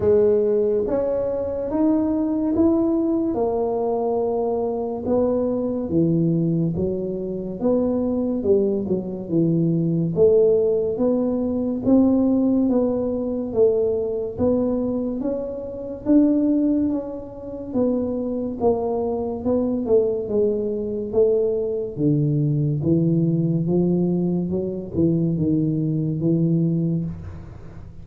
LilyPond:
\new Staff \with { instrumentName = "tuba" } { \time 4/4 \tempo 4 = 71 gis4 cis'4 dis'4 e'4 | ais2 b4 e4 | fis4 b4 g8 fis8 e4 | a4 b4 c'4 b4 |
a4 b4 cis'4 d'4 | cis'4 b4 ais4 b8 a8 | gis4 a4 d4 e4 | f4 fis8 e8 dis4 e4 | }